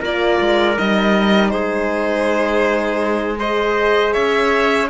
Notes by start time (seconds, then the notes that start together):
0.00 A#3 F4 A#4 D5
0.40 G#3
0.75 G3 D#4 D#5
1.50 G#3 G#4 C5
3.38 G#4 C5 D#5
4.13 C#4 C#5 E5